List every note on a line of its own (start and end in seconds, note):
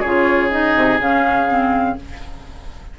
0.00 0.76 C#3
0.00 0.50 F4
0.00 1.95 G#4
0.00 0.50 C#5
0.50 0.99 D#4
0.50 0.99 D#5
0.76 0.99 C3
0.99 1.97 C#3
0.99 1.47 C#4
0.99 1.99 F5
1.47 1.96 C4